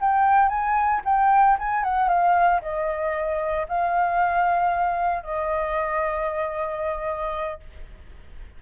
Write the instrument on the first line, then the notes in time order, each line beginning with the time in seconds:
flute
0.00 G5
0.49 G#5
1.05 G5
1.59 G#5
1.83 F#5
2.08 F5
2.61 D#5
3.68 F5
5.23 D#5